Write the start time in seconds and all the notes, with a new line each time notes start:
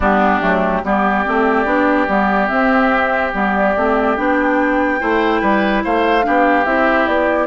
0.00 G3 B3 D4 G4
0.41 F#3 A3
0.83 G3 B3 G4 D5
1.25 A3 C4
1.65 B3 D4
2.08 G3 B3
2.47 C4 E5
3.33 G3 B3 D5
3.76 A3 C4
4.16 B3 D4 G5
4.99 A3 E4 C5
5.41 G3 B4
5.84 A3 C5 F5
6.22 B3 D4 G4
6.65 C4 E4 E5
7.06 B3 D5